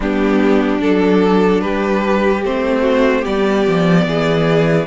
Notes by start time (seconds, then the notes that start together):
0.00 G3 B3 D4 G4
0.79 F#3 D4 A4
1.61 G3 G4 B4
2.44 A3 C4 C5
2.81 F#4
3.21 G3 B3 G4 D5
3.67 F3
4.05 E3 G#4